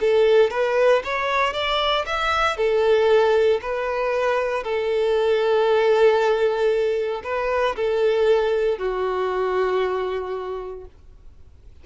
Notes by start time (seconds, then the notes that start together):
0.00 A4
0.50 B4
1.04 C#5
1.53 D5
2.05 E5
2.57 A4
3.61 B4
4.63 A4
7.23 B4
7.75 A4
8.78 F#4